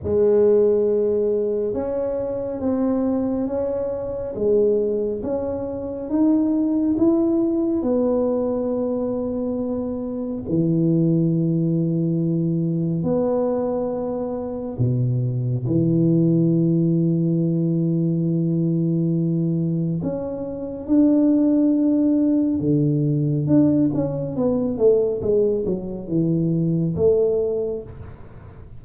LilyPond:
\new Staff \with { instrumentName = "tuba" } { \time 4/4 \tempo 4 = 69 gis2 cis'4 c'4 | cis'4 gis4 cis'4 dis'4 | e'4 b2. | e2. b4~ |
b4 b,4 e2~ | e2. cis'4 | d'2 d4 d'8 cis'8 | b8 a8 gis8 fis8 e4 a4 | }